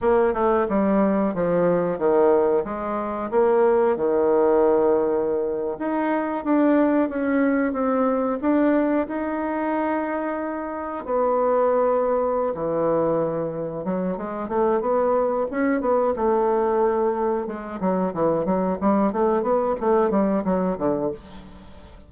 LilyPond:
\new Staff \with { instrumentName = "bassoon" } { \time 4/4 \tempo 4 = 91 ais8 a8 g4 f4 dis4 | gis4 ais4 dis2~ | dis8. dis'4 d'4 cis'4 c'16~ | c'8. d'4 dis'2~ dis'16~ |
dis'8. b2~ b16 e4~ | e4 fis8 gis8 a8 b4 cis'8 | b8 a2 gis8 fis8 e8 | fis8 g8 a8 b8 a8 g8 fis8 d8 | }